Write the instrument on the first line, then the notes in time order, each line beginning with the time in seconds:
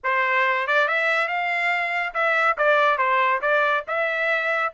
trumpet
0.03 C5
0.67 D5
0.87 E5
1.28 F5
2.14 E5
2.57 D5
2.97 C5
3.41 D5
3.87 E5